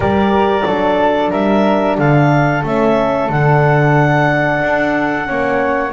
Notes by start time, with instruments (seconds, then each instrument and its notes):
0.00 double bass G3, horn G4, flute A#4, clarinet D5
0.65 double bass F#3, horn D4, flute A4
1.30 double bass G3, flute A#4, clarinet E5
1.98 double bass D3, flute A4, clarinet F5
2.63 double bass A3, horn C#4, clarinet E5
3.29 double bass D3, horn D4, clarinet F#5
4.62 double bass D4
5.23 double bass A#3, horn C#4, flute C#5